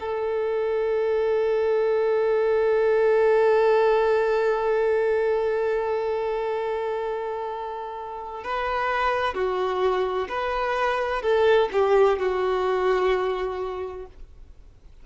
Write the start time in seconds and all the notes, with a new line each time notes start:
0.00 A4
8.44 B4
9.34 F#4
10.28 B4
11.22 A4
11.72 G4
12.19 F#4